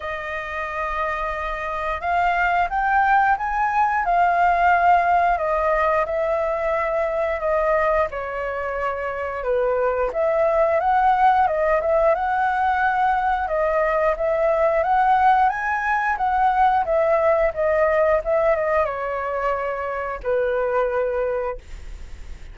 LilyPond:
\new Staff \with { instrumentName = "flute" } { \time 4/4 \tempo 4 = 89 dis''2. f''4 | g''4 gis''4 f''2 | dis''4 e''2 dis''4 | cis''2 b'4 e''4 |
fis''4 dis''8 e''8 fis''2 | dis''4 e''4 fis''4 gis''4 | fis''4 e''4 dis''4 e''8 dis''8 | cis''2 b'2 | }